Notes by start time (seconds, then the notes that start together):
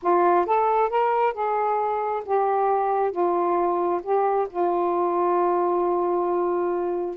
0.02 F4
0.46 A4
0.89 A#4
1.33 G#4
2.25 G4
3.11 F4
4.02 G4
4.50 F4